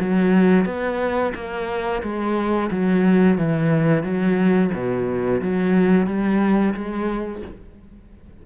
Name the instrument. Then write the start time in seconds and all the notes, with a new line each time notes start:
cello
0.00 F#3
0.66 B3
1.35 A#3
2.03 G#3
2.71 F#3
3.38 E3
4.03 F#3
4.74 B2
5.42 F#3
6.06 G3
6.74 G#3